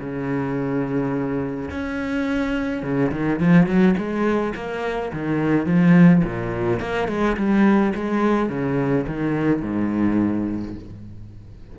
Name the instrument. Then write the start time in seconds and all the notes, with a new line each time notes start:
cello
0.00 C#3
1.71 C#4
2.83 C#3
3.12 D#3
3.40 F3
3.67 F#3
3.98 G#3
4.55 A#3
5.13 D#3
5.66 F3
6.24 A#2
6.80 A#3
7.08 G#3
7.37 G3
7.95 G#3
8.49 C#3
9.07 D#3
9.62 G#2